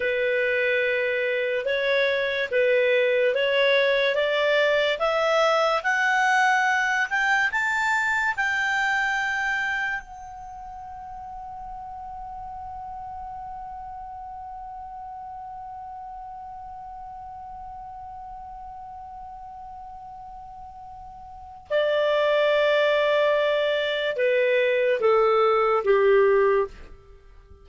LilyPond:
\new Staff \with { instrumentName = "clarinet" } { \time 4/4 \tempo 4 = 72 b'2 cis''4 b'4 | cis''4 d''4 e''4 fis''4~ | fis''8 g''8 a''4 g''2 | fis''1~ |
fis''1~ | fis''1~ | fis''2 d''2~ | d''4 b'4 a'4 g'4 | }